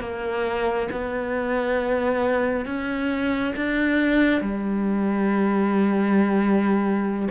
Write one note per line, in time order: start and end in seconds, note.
0.00 0.88 A#3
0.91 2.66 B3
2.66 3.54 C#4
3.56 4.41 D4
4.41 7.28 G3